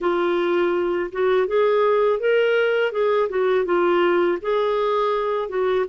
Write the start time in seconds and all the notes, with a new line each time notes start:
0.00 F4
1.12 F#4
1.47 G#4
2.20 A#4
2.92 G#4
3.29 F#4
3.65 F4
4.41 G#4
5.48 F#4